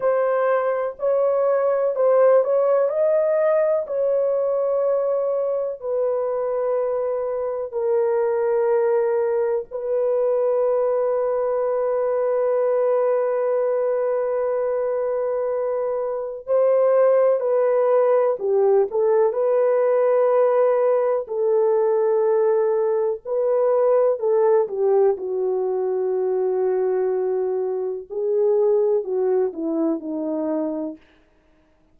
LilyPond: \new Staff \with { instrumentName = "horn" } { \time 4/4 \tempo 4 = 62 c''4 cis''4 c''8 cis''8 dis''4 | cis''2 b'2 | ais'2 b'2~ | b'1~ |
b'4 c''4 b'4 g'8 a'8 | b'2 a'2 | b'4 a'8 g'8 fis'2~ | fis'4 gis'4 fis'8 e'8 dis'4 | }